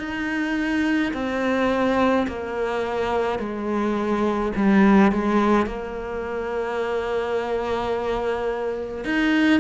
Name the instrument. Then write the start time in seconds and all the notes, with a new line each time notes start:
cello
0.00 D#4
1.14 C4
2.28 A#3
3.40 G#3
4.56 G3
5.13 G#3
5.67 A#3
9.05 D#4